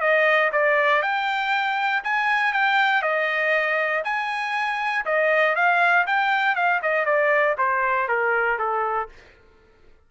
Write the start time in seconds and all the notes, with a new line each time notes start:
0.00 D#5
0.52 D5
1.02 G5
2.04 G#5
2.53 G5
3.02 D#5
4.04 G#5
5.05 D#5
5.55 F5
6.07 G5
6.55 F5
6.82 D#5
7.05 D5
7.58 C5
8.08 A#4
8.59 A4